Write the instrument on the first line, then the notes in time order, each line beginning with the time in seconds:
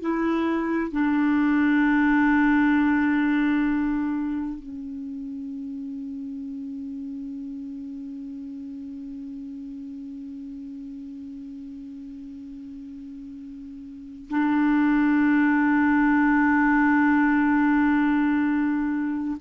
clarinet
0.00 E4
0.91 D4
4.59 C#4
14.29 D4